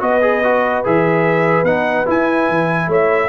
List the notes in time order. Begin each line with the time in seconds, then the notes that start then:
0.00 B3 F#4 B4 D#5
0.21 G#4
0.44 F#4
0.84 E3 G#4 E5
1.63 B3 D#4 F#5
2.05 E4 G#5
2.49 E3
2.87 A3 C#5 E5